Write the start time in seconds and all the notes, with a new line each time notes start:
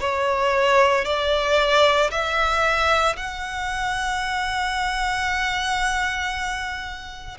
0.00 C#5
1.05 D5
2.11 E5
3.17 F#5